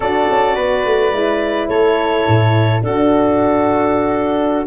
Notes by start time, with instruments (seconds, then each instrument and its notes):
0.00 tuba D4, horn F#4, flute A4, clarinet D5
0.30 tuba C#4
0.55 tuba B3, flute B4
0.85 tuba A3
1.11 tuba G#3, horn E4
1.68 tuba A3, flute A4, clarinet C#5
2.27 tuba A2
2.82 tuba D4, horn D4, flute F#4, clarinet A4